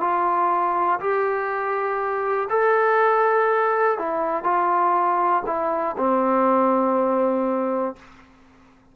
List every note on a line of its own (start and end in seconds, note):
0.00 0.99 F4
1.00 2.48 G4
2.50 3.98 A4
3.98 4.44 E4
4.44 5.43 F4
5.46 5.96 E4
5.97 7.96 C4